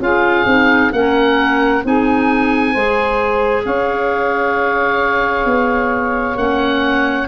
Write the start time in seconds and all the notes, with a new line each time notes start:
0.00 C#4 F4 G#4 F5
0.46 C4 D#4
0.93 A#3 C#4 A#4 F#5
1.84 C4 D#4 G#4 G#5
2.72 G#3 G#4 C5
3.65 C#4 C#5 F5
5.45 B3
6.36 A#3 C#4 F#5